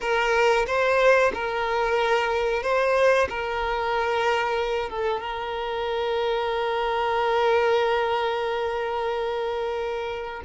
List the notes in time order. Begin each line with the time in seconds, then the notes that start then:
0.01 A#4
0.66 C5
1.34 A#4
2.62 C5
3.29 A#4
4.89 A4
5.20 A#4